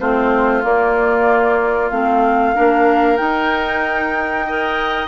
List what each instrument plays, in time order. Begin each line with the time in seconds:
0.00 bassoon A3, clarinet C4, oboe F4, flute C5
0.62 clarinet A#3, bassoon A#3, flute D5
1.90 bassoon A3, clarinet C4, flute F5
2.55 bassoon A#3, clarinet D4, oboe A#4
3.17 clarinet D#4, bassoon D#4, flute G5
4.47 clarinet A#4, oboe D#5